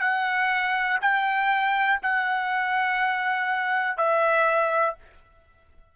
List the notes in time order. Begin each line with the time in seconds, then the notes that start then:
0.00 F#5
1.01 G5
2.03 F#5
3.97 E5